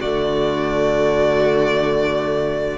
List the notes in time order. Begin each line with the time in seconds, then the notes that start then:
0.00 D3 A3 F#4 D5